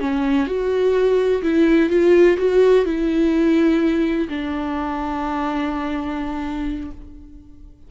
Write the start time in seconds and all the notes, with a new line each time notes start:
0.00 C#4
0.47 F#4
1.43 E4
1.90 F4
2.38 F#4
2.85 E4
4.29 D4